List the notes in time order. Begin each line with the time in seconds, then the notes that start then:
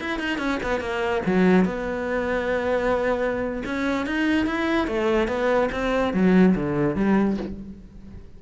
0.00 E4
0.19 D#4
0.38 C#4
0.63 B3
0.80 A#3
1.26 F#3
1.65 B3
3.65 C#4
4.06 D#4
4.46 E4
4.87 A3
5.27 B3
5.72 C4
6.13 F#3
6.55 D3
6.95 G3